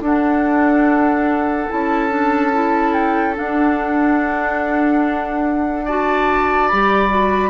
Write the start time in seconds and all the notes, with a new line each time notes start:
0.00 D4 A4 F#5
1.69 C#4 E4 A5
2.10 D4
2.53 E4
2.94 G5
3.35 D4 F#5
5.85 F#4 D5 A5
6.68 G3 G4 B5
7.10 F#4